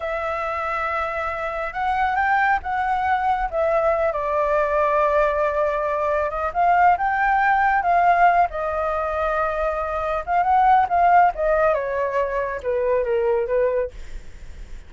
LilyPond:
\new Staff \with { instrumentName = "flute" } { \time 4/4 \tempo 4 = 138 e''1 | fis''4 g''4 fis''2 | e''4. d''2~ d''8~ | d''2~ d''8 dis''8 f''4 |
g''2 f''4. dis''8~ | dis''2.~ dis''8 f''8 | fis''4 f''4 dis''4 cis''4~ | cis''4 b'4 ais'4 b'4 | }